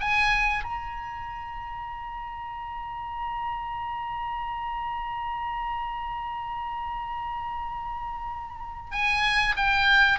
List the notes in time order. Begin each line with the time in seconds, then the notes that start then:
0.00 G#5
0.64 A#5
8.91 G#5
9.57 G5